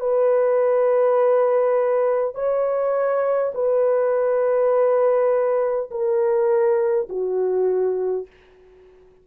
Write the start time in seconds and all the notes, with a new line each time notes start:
0.00 B4
2.35 C#5
3.55 B4
5.91 A#4
7.09 F#4